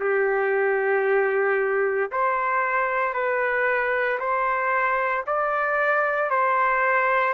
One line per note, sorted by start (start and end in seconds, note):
0.00 2.11 G4
2.11 3.14 C5
3.14 4.19 B4
4.20 5.25 C5
5.26 6.30 D5
6.30 7.33 C5